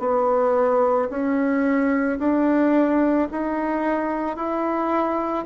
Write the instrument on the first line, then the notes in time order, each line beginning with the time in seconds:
bassoon
0.00 B3
1.10 C#4
2.19 D4
3.31 D#4
4.37 E4